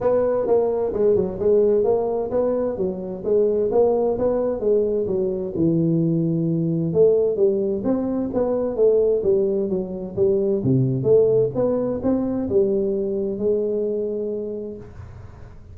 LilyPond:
\new Staff \with { instrumentName = "tuba" } { \time 4/4 \tempo 4 = 130 b4 ais4 gis8 fis8 gis4 | ais4 b4 fis4 gis4 | ais4 b4 gis4 fis4 | e2. a4 |
g4 c'4 b4 a4 | g4 fis4 g4 c4 | a4 b4 c'4 g4~ | g4 gis2. | }